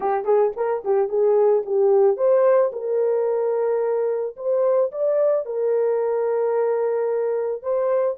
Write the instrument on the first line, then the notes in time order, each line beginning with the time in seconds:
horn
0.00 G4
0.24 G#4
0.56 A#4
0.84 G4
1.08 G#4
1.65 G4
2.16 C5
2.72 A#4
4.36 C5
4.91 D5
5.45 A#4
7.62 C5